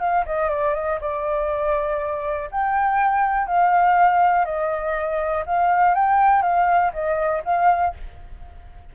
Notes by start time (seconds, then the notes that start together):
0.00 F5
0.26 D#5
0.50 D5
0.75 D#5
1.01 D5
2.51 G5
3.47 F5
4.45 D#5
5.47 F5
5.95 G5
6.43 F5
6.94 D#5
7.45 F5